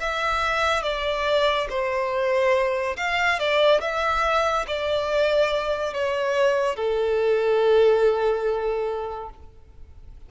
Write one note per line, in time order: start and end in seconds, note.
0.00 0.83 E5
0.83 1.67 D5
1.69 2.96 C5
2.97 3.39 F5
3.39 3.81 D5
3.81 4.65 E5
4.67 5.93 D5
5.93 6.76 C#5
6.76 9.29 A4